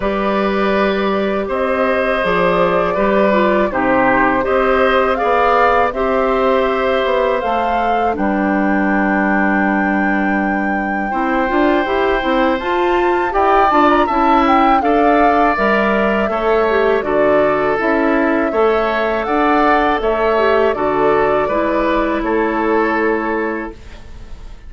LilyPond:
<<
  \new Staff \with { instrumentName = "flute" } { \time 4/4 \tempo 4 = 81 d''2 dis''4 d''4~ | d''4 c''4 dis''4 f''4 | e''2 f''4 g''4~ | g''1~ |
g''4 a''4 g''8 a''16 ais''16 a''8 g''8 | f''4 e''2 d''4 | e''2 fis''4 e''4 | d''2 cis''2 | }
  \new Staff \with { instrumentName = "oboe" } { \time 4/4 b'2 c''2 | b'4 g'4 c''4 d''4 | c''2. b'4~ | b'2. c''4~ |
c''2 d''4 e''4 | d''2 cis''4 a'4~ | a'4 cis''4 d''4 cis''4 | a'4 b'4 a'2 | }
  \new Staff \with { instrumentName = "clarinet" } { \time 4/4 g'2. gis'4 | g'8 f'8 dis'4 g'4 gis'4 | g'2 a'4 d'4~ | d'2. e'8 f'8 |
g'8 e'8 f'4 g'8 f'8 e'4 | a'4 ais'4 a'8 g'8 fis'4 | e'4 a'2~ a'8 g'8 | fis'4 e'2. | }
  \new Staff \with { instrumentName = "bassoon" } { \time 4/4 g2 c'4 f4 | g4 c4 c'4 b4 | c'4. b8 a4 g4~ | g2. c'8 d'8 |
e'8 c'8 f'4 e'8 d'8 cis'4 | d'4 g4 a4 d4 | cis'4 a4 d'4 a4 | d4 gis4 a2 | }
>>